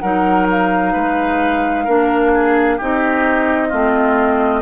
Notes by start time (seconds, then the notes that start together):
0.00 F#3 D#4 A#4 F#5
0.50 F5
0.92 G#3 B4
1.84 A#3 D4 A#4
2.34 G#4
2.77 C4 D#4 G4 D#5
3.68 A3 C4 F4